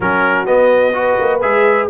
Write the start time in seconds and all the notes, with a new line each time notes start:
0.00 F#3 C#4 F#4 A#4
0.45 B3 D#5
0.93 F#4 B4
1.19 A#3
1.41 G#3 G#4 E5